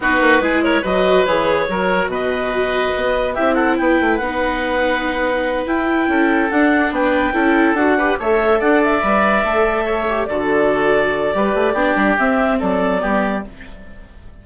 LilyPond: <<
  \new Staff \with { instrumentName = "clarinet" } { \time 4/4 \tempo 4 = 143 b'4. cis''8 dis''4 cis''4~ | cis''4 dis''2. | e''8 fis''8 g''4 fis''2~ | fis''4. g''2 fis''8~ |
fis''8 g''2 fis''4 e''8~ | e''8 fis''8 e''2.~ | e''8 d''2.~ d''8~ | d''4 e''4 d''2 | }
  \new Staff \with { instrumentName = "oboe" } { \time 4/4 fis'4 gis'8 ais'8 b'2 | ais'4 b'2. | g'8 a'8 b'2.~ | b'2~ b'8 a'4.~ |
a'8 b'4 a'4. b'8 cis''8~ | cis''8 d''2. cis''8~ | cis''8 a'2~ a'8 b'4 | g'2 a'4 g'4 | }
  \new Staff \with { instrumentName = "viola" } { \time 4/4 dis'4 e'4 fis'4 gis'4 | fis'1 | e'2 dis'2~ | dis'4. e'2 d'8~ |
d'4. e'4 fis'8 g'8 a'8~ | a'4. b'4 a'4. | g'8 fis'2~ fis'8 g'4 | d'4 c'2 b4 | }
  \new Staff \with { instrumentName = "bassoon" } { \time 4/4 b8 ais8 gis4 fis4 e4 | fis4 b,2 b4 | c'4 b8 a8 b2~ | b4. e'4 cis'4 d'8~ |
d'8 b4 cis'4 d'4 a8~ | a8 d'4 g4 a4.~ | a8 d2~ d8 g8 a8 | b8 g8 c'4 fis4 g4 | }
>>